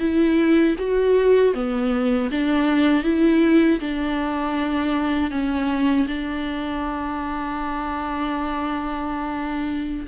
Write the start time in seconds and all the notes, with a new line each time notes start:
0.00 E4
0.79 F#4
1.54 B3
2.32 D4
3.04 E4
3.80 D4
5.31 C#4
6.08 D4